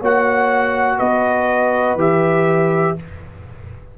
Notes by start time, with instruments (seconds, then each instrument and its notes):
0.00 tuba A#3, trombone F#4, horn C#5, trumpet F#5
0.98 tuba B3, horn B4, trumpet D#5
1.95 tuba E3, trombone G4, trumpet E5